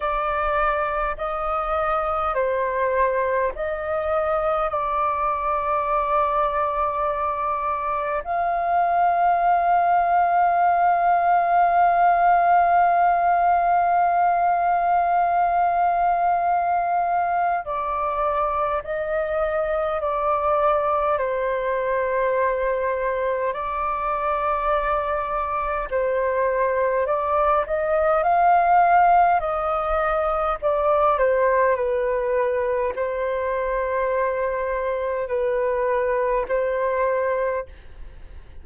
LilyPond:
\new Staff \with { instrumentName = "flute" } { \time 4/4 \tempo 4 = 51 d''4 dis''4 c''4 dis''4 | d''2. f''4~ | f''1~ | f''2. d''4 |
dis''4 d''4 c''2 | d''2 c''4 d''8 dis''8 | f''4 dis''4 d''8 c''8 b'4 | c''2 b'4 c''4 | }